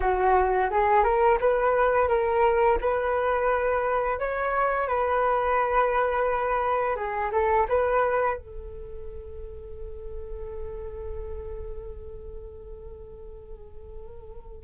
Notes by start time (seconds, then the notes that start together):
0.00 F#4
0.70 G#4
1.03 A#4
1.40 B4
2.08 A#4
2.80 B4
4.19 C#5
4.88 B4
6.96 G#4
7.32 A4
7.68 B4
8.37 A4